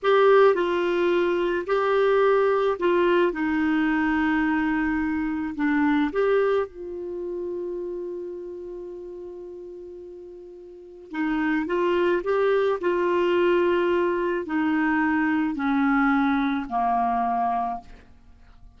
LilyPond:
\new Staff \with { instrumentName = "clarinet" } { \time 4/4 \tempo 4 = 108 g'4 f'2 g'4~ | g'4 f'4 dis'2~ | dis'2 d'4 g'4 | f'1~ |
f'1 | dis'4 f'4 g'4 f'4~ | f'2 dis'2 | cis'2 ais2 | }